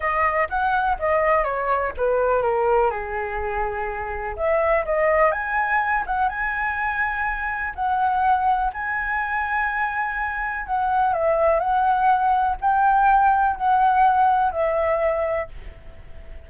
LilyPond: \new Staff \with { instrumentName = "flute" } { \time 4/4 \tempo 4 = 124 dis''4 fis''4 dis''4 cis''4 | b'4 ais'4 gis'2~ | gis'4 e''4 dis''4 gis''4~ | gis''8 fis''8 gis''2. |
fis''2 gis''2~ | gis''2 fis''4 e''4 | fis''2 g''2 | fis''2 e''2 | }